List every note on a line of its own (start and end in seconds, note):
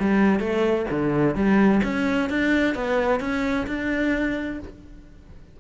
0.00 0.39 G3
0.39 0.86 A3
0.90 1.35 D3
1.35 1.81 G3
1.84 2.30 C#4
2.30 2.75 D4
2.75 3.20 B3
3.20 3.66 C#4
3.67 4.59 D4